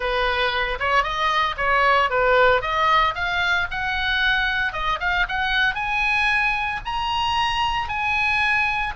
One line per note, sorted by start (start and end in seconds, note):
0.00 0.78 B4
0.79 1.03 C#5
1.03 1.55 D#5
1.57 2.09 C#5
2.10 2.61 B4
2.61 3.14 D#5
3.14 3.67 F5
3.70 4.72 F#5
4.72 4.99 D#5
5.00 5.26 F5
5.28 5.74 F#5
5.74 6.80 G#5
6.85 7.88 A#5
7.88 8.93 G#5